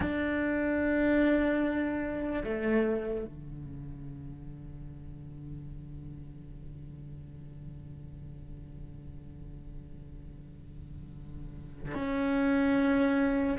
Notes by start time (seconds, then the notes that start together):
0.00 D4
2.44 A3
3.24 D3
11.94 C#4